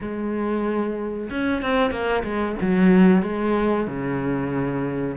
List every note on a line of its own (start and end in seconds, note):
0.00 1.29 G#3
1.30 1.61 C#4
1.61 1.90 C4
1.90 2.23 A#3
2.23 2.55 G#3
2.61 3.22 F#3
3.22 3.87 G#3
3.87 5.16 C#3